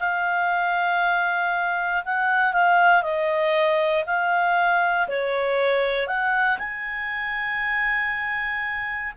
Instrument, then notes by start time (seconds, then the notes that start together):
clarinet
0.00 F5
2.05 F#5
2.53 F5
3.03 D#5
4.06 F5
5.08 C#5
6.08 F#5
6.59 G#5